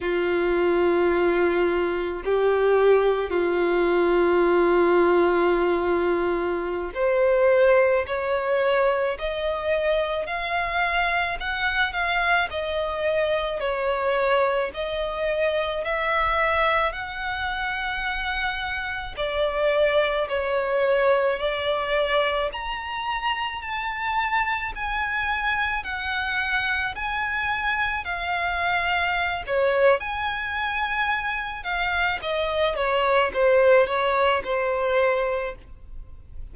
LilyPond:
\new Staff \with { instrumentName = "violin" } { \time 4/4 \tempo 4 = 54 f'2 g'4 f'4~ | f'2~ f'16 c''4 cis''8.~ | cis''16 dis''4 f''4 fis''8 f''8 dis''8.~ | dis''16 cis''4 dis''4 e''4 fis''8.~ |
fis''4~ fis''16 d''4 cis''4 d''8.~ | d''16 ais''4 a''4 gis''4 fis''8.~ | fis''16 gis''4 f''4~ f''16 cis''8 gis''4~ | gis''8 f''8 dis''8 cis''8 c''8 cis''8 c''4 | }